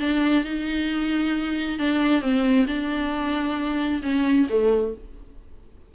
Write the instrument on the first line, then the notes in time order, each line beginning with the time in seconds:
viola
0.00 D4
0.45 D#4
1.79 D4
2.22 C4
2.67 D4
4.03 C#4
4.50 A3